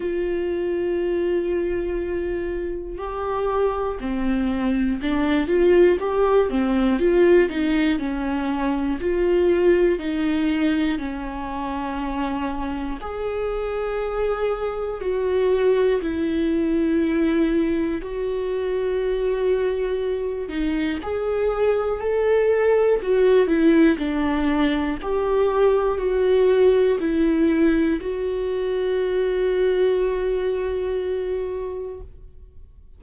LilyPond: \new Staff \with { instrumentName = "viola" } { \time 4/4 \tempo 4 = 60 f'2. g'4 | c'4 d'8 f'8 g'8 c'8 f'8 dis'8 | cis'4 f'4 dis'4 cis'4~ | cis'4 gis'2 fis'4 |
e'2 fis'2~ | fis'8 dis'8 gis'4 a'4 fis'8 e'8 | d'4 g'4 fis'4 e'4 | fis'1 | }